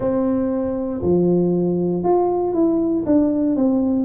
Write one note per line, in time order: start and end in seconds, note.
0.00 1.01 C4
1.02 2.03 F3
2.03 2.53 F4
2.53 3.04 E4
3.06 3.55 D4
3.55 4.05 C4